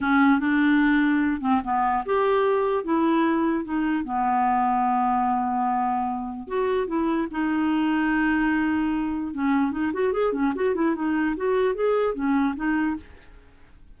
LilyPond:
\new Staff \with { instrumentName = "clarinet" } { \time 4/4 \tempo 4 = 148 cis'4 d'2~ d'8 c'8 | b4 g'2 e'4~ | e'4 dis'4 b2~ | b1 |
fis'4 e'4 dis'2~ | dis'2. cis'4 | dis'8 fis'8 gis'8 cis'8 fis'8 e'8 dis'4 | fis'4 gis'4 cis'4 dis'4 | }